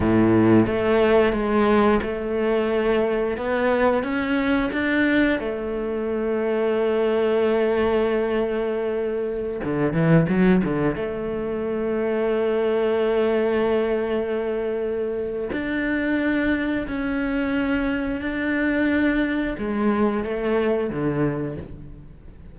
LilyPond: \new Staff \with { instrumentName = "cello" } { \time 4/4 \tempo 4 = 89 a,4 a4 gis4 a4~ | a4 b4 cis'4 d'4 | a1~ | a2~ a16 d8 e8 fis8 d16~ |
d16 a2.~ a8.~ | a2. d'4~ | d'4 cis'2 d'4~ | d'4 gis4 a4 d4 | }